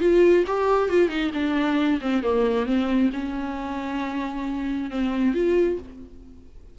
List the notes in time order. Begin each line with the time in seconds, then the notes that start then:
0.00 F4
0.47 G4
0.89 F4
1.09 D#4
1.34 D4
2.01 C4
2.23 A#3
2.66 C4
3.13 C#4
4.91 C4
5.34 F4